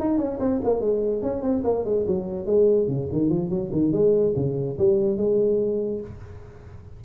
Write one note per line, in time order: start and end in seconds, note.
0.00 0.18 D#4
0.18 0.39 C#4
0.40 0.61 C4
0.64 0.81 A#3
0.81 1.23 G#3
1.23 1.42 C#4
1.42 1.63 C4
1.64 1.85 A#3
1.85 2.06 G#3
2.07 2.46 F#3
2.46 2.88 G#3
2.88 3.09 C#3
3.12 3.30 D#3
3.30 3.50 F3
3.50 3.71 F#3
3.72 3.93 D#3
3.93 4.34 G#3
4.37 4.78 C#3
4.79 5.18 G3
5.18 6.01 G#3